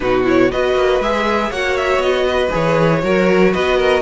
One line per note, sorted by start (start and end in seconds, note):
0.00 0.52 B2
0.00 0.24 D#4
0.00 0.52 F#4
0.00 0.24 B4
0.24 0.49 E4
0.24 0.51 C#5
0.51 0.74 B3
0.51 1.02 F#4
0.51 1.50 B4
0.51 1.01 D#5
0.74 1.00 A#3
1.00 1.50 G#3
1.00 1.52 G#4
1.00 1.51 E5
1.50 1.97 A#3
1.50 2.50 F#4
1.50 2.25 C#5
1.50 1.76 F#5
1.76 2.01 E5
1.97 2.48 B3
1.97 2.52 D#5
2.25 3.01 B4
2.50 3.03 E3
2.50 3.00 G#4
2.50 3.53 C#5
3.03 3.53 F#3
3.03 4.02 F#4
3.03 3.53 A#4
3.53 4.02 B3
3.53 3.77 B4
3.53 4.02 D#5
3.77 4.02 A#4